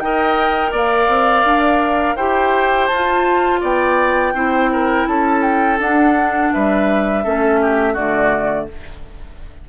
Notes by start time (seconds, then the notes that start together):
0.00 D#4 A#4 D#5 G5
0.71 A#3 D5 F5
1.08 C4
1.45 D4
2.16 E4 G4 C5 G5
2.87 F4 A5
2.94 F4
3.61 B3 D5 G5
4.34 C4 E4 C5
4.72 A#4
5.07 C#4 A4 A5
5.42 G5
5.79 D4 F#5
6.53 G3 B4 E5
7.24 A3 C#4 A4
7.62 G4
7.93 D3 A3 F#4 D5